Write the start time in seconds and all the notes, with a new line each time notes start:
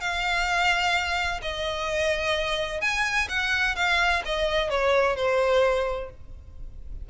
0.00 F5
1.42 D#5
2.81 G#5
3.29 F#5
3.75 F5
4.25 D#5
4.70 C#5
5.16 C5